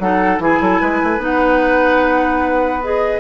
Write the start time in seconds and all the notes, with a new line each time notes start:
0.00 F#3 D#4 A4 F#5
0.40 E3 E4 G#4 G#5
0.61 F#3 A4
0.82 G#3 B4
1.04 A3
1.18 B3 D#4 F#5
2.84 G#4 D#5